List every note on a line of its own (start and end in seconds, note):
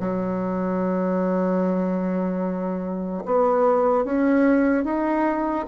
0.00 3.24 F#3
3.26 4.05 B3
4.05 4.85 C#4
4.85 5.66 D#4